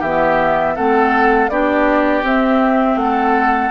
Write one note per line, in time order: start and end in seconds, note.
0.00 0.76 E3
0.00 0.76 B3
0.00 0.74 G4
0.00 0.76 E5
0.76 1.50 A3
0.76 1.50 C4
0.76 1.50 A4
0.76 1.49 F#5
1.49 2.23 B3
1.49 2.23 D4
1.49 2.99 G4
1.49 2.23 D5
2.23 2.96 C4
2.23 3.71 C4
2.23 2.98 E5
2.96 3.70 A3
2.96 3.71 F#5
3.02 3.71 A4